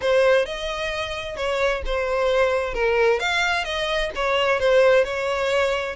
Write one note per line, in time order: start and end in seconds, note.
0.01 0.45 C5
0.45 1.36 D#5
1.36 1.82 C#5
1.85 2.74 C5
2.74 3.19 A#4
3.19 3.64 F5
3.64 4.10 D#5
4.15 4.59 C#5
4.59 5.04 C5
5.04 5.96 C#5